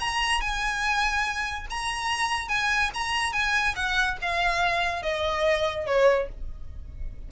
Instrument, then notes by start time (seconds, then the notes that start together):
violin
0.00 A#5
0.41 G#5
1.70 A#5
2.48 G#5
2.94 A#5
3.33 G#5
3.76 F#5
4.21 F5
5.03 D#5
5.86 C#5